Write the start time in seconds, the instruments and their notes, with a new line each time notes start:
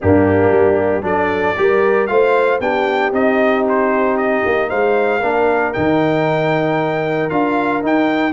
0.01 tuba G2, trombone A#3, horn D4, trumpet G4
0.51 tuba G3
1.02 tuba F#3, trombone D4, horn A4, trumpet D5
1.57 tuba G3, trombone G4, horn A#4
2.06 tuba A3, trombone F4, horn C5, trumpet F5
2.59 tuba B3, trombone D4, horn G4, trumpet G5
3.12 tuba C4, trombone D#4, trumpet D#5
3.68 trumpet C5
4.17 trumpet D#5
4.45 tuba A#3
4.69 tuba G#3, horn C5, trumpet F5
5.19 tuba A#3, trombone D4, horn A#4
5.73 tuba D#3, trombone D#4, trumpet G5
7.29 tuba D4, trombone F4, trumpet F5
7.82 trombone D#4, tuba D#4, trumpet G5